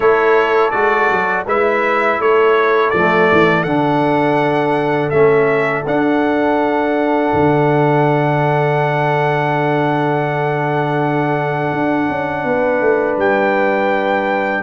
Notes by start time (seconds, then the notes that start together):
0.00 A3 E4 A4 C#5
0.70 G#3 F#4 D5
1.10 F#3
1.46 G#3 E4 B4 E5
2.19 A3 A4 C#5
2.89 F3 A3 D5
3.32 E3
3.63 D3 D4 F#5
5.09 A3 C#4 E5
5.86 D4 F#5
7.33 D3
11.72 D4
12.09 C#4
12.44 B3 B4
12.80 A3
13.17 G3 G5